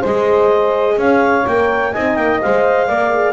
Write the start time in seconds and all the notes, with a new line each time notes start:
0.00 G#3 G#4 C5 D#5
0.97 C#4 C#5 F5
1.47 A#3 A#4 G5
1.93 C4 D#4 D#5 G#5
2.16 A#3 G5
2.42 G#3 C5 F5
2.87 A#3 A#4 D5
3.14 G#4